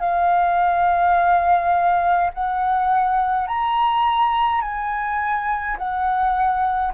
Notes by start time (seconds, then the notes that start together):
0.00 F5
2.34 F#5
3.48 A#5
4.62 G#5
5.77 F#5